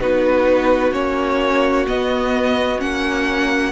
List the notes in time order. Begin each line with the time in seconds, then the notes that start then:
0.00 B3 D#4 F#4 B4
0.92 A#3 C#4 C#5
1.88 B3 D#5
2.79 A#3 C#4 F#5